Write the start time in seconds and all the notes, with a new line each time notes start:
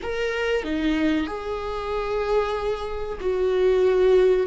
0.02 A#4
0.63 D#4
1.26 G#4
3.20 F#4